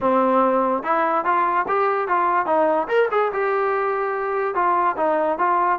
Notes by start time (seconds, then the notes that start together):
0.01 C4
0.83 E4
1.24 F4
1.68 G4
2.08 F4
2.46 D#4
2.88 A#4
3.11 G#4
3.32 G4
4.54 F4
4.97 D#4
5.38 F4